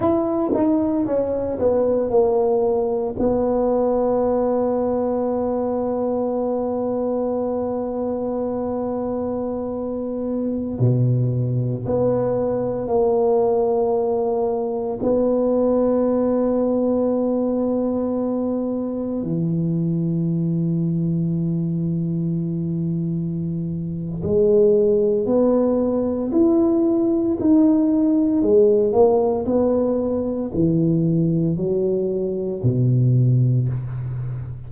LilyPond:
\new Staff \with { instrumentName = "tuba" } { \time 4/4 \tempo 4 = 57 e'8 dis'8 cis'8 b8 ais4 b4~ | b1~ | b2~ b16 b,4 b8.~ | b16 ais2 b4.~ b16~ |
b2~ b16 e4.~ e16~ | e2. gis4 | b4 e'4 dis'4 gis8 ais8 | b4 e4 fis4 b,4 | }